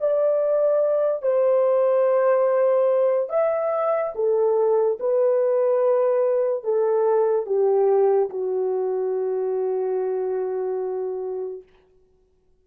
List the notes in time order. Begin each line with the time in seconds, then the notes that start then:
0.00 D5
1.22 C5
3.29 E5
4.14 A4
4.99 B4
6.64 A4
7.45 G4
8.29 F#4